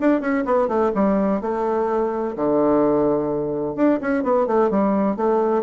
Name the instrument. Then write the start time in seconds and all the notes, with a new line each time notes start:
bassoon
0.00 D4
0.20 C#4
0.45 B3
0.67 A3
0.94 G3
1.41 A3
2.36 D3
3.75 D4
4.01 C#4
4.23 B3
4.46 A3
4.70 G3
5.16 A3